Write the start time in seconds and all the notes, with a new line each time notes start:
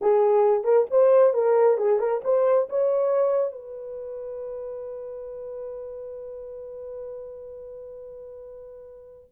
0.01 G#4
0.64 A#4
0.90 C5
1.33 A#4
1.77 G#4
1.99 A#4
2.23 C5
2.69 C#5
3.52 B4